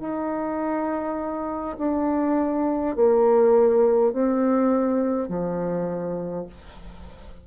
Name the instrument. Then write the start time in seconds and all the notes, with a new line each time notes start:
bassoon
0.00 D#4
1.78 D4
2.96 A#3
4.12 C4
5.28 F3